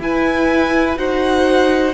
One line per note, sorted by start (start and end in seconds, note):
0.00 0.97 E4
0.00 0.96 E4
0.00 0.99 B4
0.00 0.98 G#5
0.96 1.94 D#4
0.96 1.93 F#4
0.96 1.94 C5
0.96 1.94 F#5